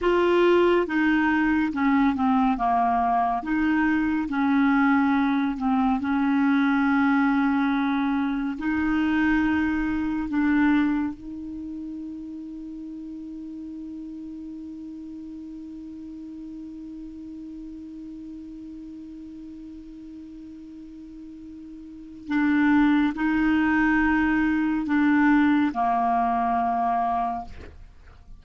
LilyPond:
\new Staff \with { instrumentName = "clarinet" } { \time 4/4 \tempo 4 = 70 f'4 dis'4 cis'8 c'8 ais4 | dis'4 cis'4. c'8 cis'4~ | cis'2 dis'2 | d'4 dis'2.~ |
dis'1~ | dis'1~ | dis'2 d'4 dis'4~ | dis'4 d'4 ais2 | }